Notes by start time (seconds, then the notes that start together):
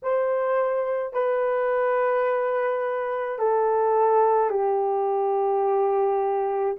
0.02 C5
1.13 B4
3.39 A4
4.50 G4